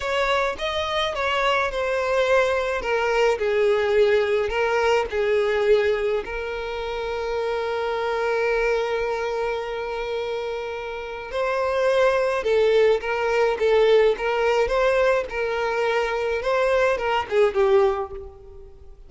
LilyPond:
\new Staff \with { instrumentName = "violin" } { \time 4/4 \tempo 4 = 106 cis''4 dis''4 cis''4 c''4~ | c''4 ais'4 gis'2 | ais'4 gis'2 ais'4~ | ais'1~ |
ais'1 | c''2 a'4 ais'4 | a'4 ais'4 c''4 ais'4~ | ais'4 c''4 ais'8 gis'8 g'4 | }